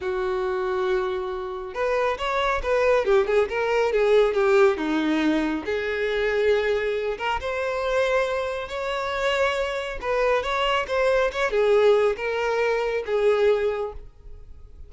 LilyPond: \new Staff \with { instrumentName = "violin" } { \time 4/4 \tempo 4 = 138 fis'1 | b'4 cis''4 b'4 g'8 gis'8 | ais'4 gis'4 g'4 dis'4~ | dis'4 gis'2.~ |
gis'8 ais'8 c''2. | cis''2. b'4 | cis''4 c''4 cis''8 gis'4. | ais'2 gis'2 | }